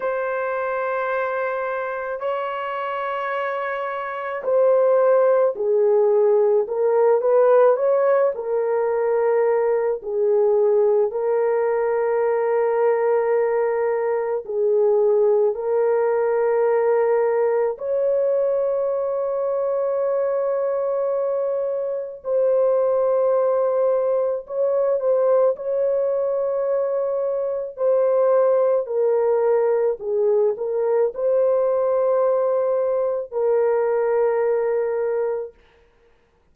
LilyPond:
\new Staff \with { instrumentName = "horn" } { \time 4/4 \tempo 4 = 54 c''2 cis''2 | c''4 gis'4 ais'8 b'8 cis''8 ais'8~ | ais'4 gis'4 ais'2~ | ais'4 gis'4 ais'2 |
cis''1 | c''2 cis''8 c''8 cis''4~ | cis''4 c''4 ais'4 gis'8 ais'8 | c''2 ais'2 | }